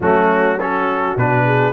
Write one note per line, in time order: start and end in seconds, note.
0.00 1.15 F#3
0.00 0.58 A3
0.00 0.59 C#4
0.00 0.59 F#4
0.59 1.18 C#4
0.59 1.45 F#4
0.59 1.17 A4
1.16 1.72 B2
1.16 1.72 D4
1.16 1.72 B4
1.45 1.72 G#4